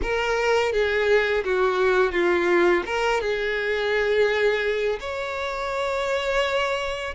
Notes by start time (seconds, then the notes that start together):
0.02 A#4
0.72 G#4
1.44 F#4
2.11 F4
2.86 A#4
3.20 G#4
5.00 C#5